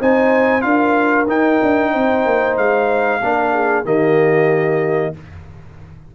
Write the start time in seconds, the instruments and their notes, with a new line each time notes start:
0.00 tuba C4, trombone D#4, horn C5, trumpet G#5
0.61 tuba D4, trombone F4, horn A#4, trumpet F5
1.27 tuba D#4, trombone D#4, trumpet G5
1.62 tuba D4
1.91 tuba C4, horn C5
2.25 tuba A#3
2.57 tuba G#3, trumpet F5
3.21 tuba A#3, trombone D4, horn A#4
3.53 horn G#4
3.84 tuba D#3, trombone A#3, horn G4, trumpet D#5